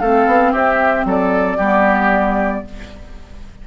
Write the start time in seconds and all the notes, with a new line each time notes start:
0.00 A3 C4 A4 F5
0.27 B3
0.52 C4 G4 E5
1.05 F#3 A4 D5
1.58 G3 B3 G4